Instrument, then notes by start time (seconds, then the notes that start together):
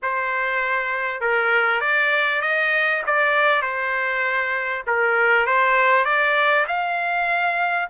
trumpet
0.02 C5
1.20 A#4
1.80 D5
2.41 D#5
3.06 D5
3.62 C5
4.87 A#4
5.46 C5
6.04 D5
6.67 F5